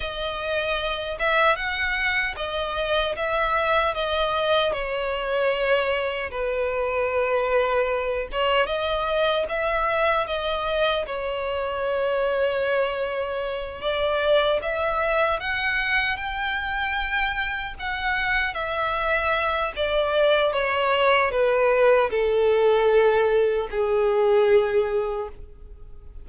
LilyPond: \new Staff \with { instrumentName = "violin" } { \time 4/4 \tempo 4 = 76 dis''4. e''8 fis''4 dis''4 | e''4 dis''4 cis''2 | b'2~ b'8 cis''8 dis''4 | e''4 dis''4 cis''2~ |
cis''4. d''4 e''4 fis''8~ | fis''8 g''2 fis''4 e''8~ | e''4 d''4 cis''4 b'4 | a'2 gis'2 | }